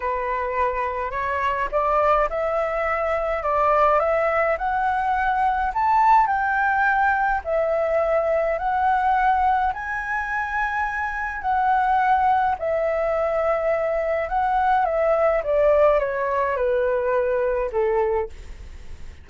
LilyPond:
\new Staff \with { instrumentName = "flute" } { \time 4/4 \tempo 4 = 105 b'2 cis''4 d''4 | e''2 d''4 e''4 | fis''2 a''4 g''4~ | g''4 e''2 fis''4~ |
fis''4 gis''2. | fis''2 e''2~ | e''4 fis''4 e''4 d''4 | cis''4 b'2 a'4 | }